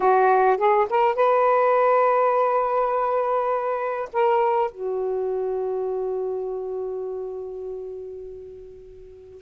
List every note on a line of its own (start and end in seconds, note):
0.00 0.57 F#4
0.57 0.86 G#4
0.89 1.15 A#4
1.15 4.09 B4
4.13 4.71 A#4
4.71 9.41 F#4